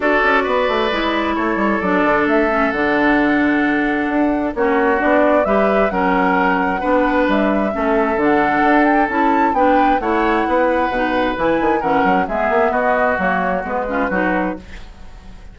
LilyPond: <<
  \new Staff \with { instrumentName = "flute" } { \time 4/4 \tempo 4 = 132 d''2. cis''4 | d''4 e''4 fis''2~ | fis''2 cis''4 d''4 | e''4 fis''2. |
e''2 fis''4. g''8 | a''4 g''4 fis''2~ | fis''4 gis''4 fis''4 e''4 | dis''4 cis''4 b'2 | }
  \new Staff \with { instrumentName = "oboe" } { \time 4/4 a'4 b'2 a'4~ | a'1~ | a'2 fis'2 | b'4 ais'2 b'4~ |
b'4 a'2.~ | a'4 b'4 cis''4 b'4~ | b'2 ais'4 gis'4 | fis'2~ fis'8 f'8 fis'4 | }
  \new Staff \with { instrumentName = "clarinet" } { \time 4/4 fis'2 e'2 | d'4. cis'8 d'2~ | d'2 cis'4 d'4 | g'4 cis'2 d'4~ |
d'4 cis'4 d'2 | e'4 d'4 e'2 | dis'4 e'4 cis'4 b4~ | b4 ais4 b8 cis'8 dis'4 | }
  \new Staff \with { instrumentName = "bassoon" } { \time 4/4 d'8 cis'8 b8 a8 gis4 a8 g8 | fis8 d8 a4 d2~ | d4 d'4 ais4 b4 | g4 fis2 b4 |
g4 a4 d4 d'4 | cis'4 b4 a4 b4 | b,4 e8 dis8 e8 fis8 gis8 ais8 | b4 fis4 gis4 fis4 | }
>>